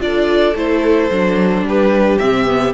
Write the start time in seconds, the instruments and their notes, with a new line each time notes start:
0.00 cello D4, viola F4, violin A4 D5
0.56 cello A3, viola E4, violin C5
1.11 cello F#3, viola D4
1.63 cello G3, violin G4
1.69 violin B4
2.19 cello C3, viola C4, violin E5
2.45 viola B3